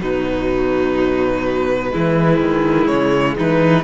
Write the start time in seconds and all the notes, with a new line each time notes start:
0.00 B2 F#3 D#4 B4
1.90 E3 G#3 E4
2.40 D#3
2.87 C#3 C#5
3.37 E3 D#4 B4